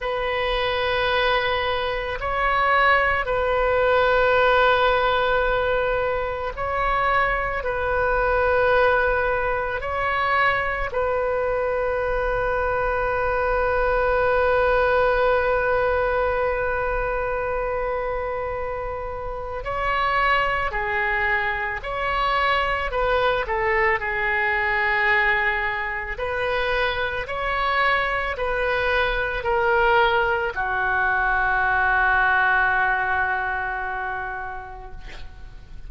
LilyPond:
\new Staff \with { instrumentName = "oboe" } { \time 4/4 \tempo 4 = 55 b'2 cis''4 b'4~ | b'2 cis''4 b'4~ | b'4 cis''4 b'2~ | b'1~ |
b'2 cis''4 gis'4 | cis''4 b'8 a'8 gis'2 | b'4 cis''4 b'4 ais'4 | fis'1 | }